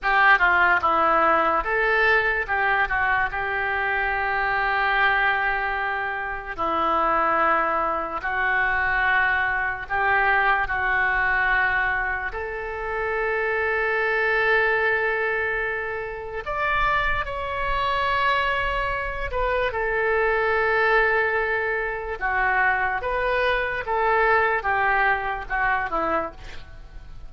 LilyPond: \new Staff \with { instrumentName = "oboe" } { \time 4/4 \tempo 4 = 73 g'8 f'8 e'4 a'4 g'8 fis'8 | g'1 | e'2 fis'2 | g'4 fis'2 a'4~ |
a'1 | d''4 cis''2~ cis''8 b'8 | a'2. fis'4 | b'4 a'4 g'4 fis'8 e'8 | }